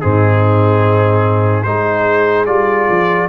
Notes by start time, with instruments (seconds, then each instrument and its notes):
0.00 tuba G#2, trombone C4, horn D#4, trumpet G#4
1.63 tuba G#3, trombone D#4, horn G#4, trumpet C5
2.46 tuba G3, trombone F4, trumpet D5
2.89 tuba F3